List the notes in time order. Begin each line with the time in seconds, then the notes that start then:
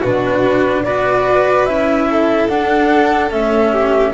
0.00 B2 D4 F#4 B4
0.84 B3 F#4 B4 D5
1.65 C#4 E4 E5
2.10 A4
2.48 D4 F#5
3.30 A3 C#4 E5
3.72 G4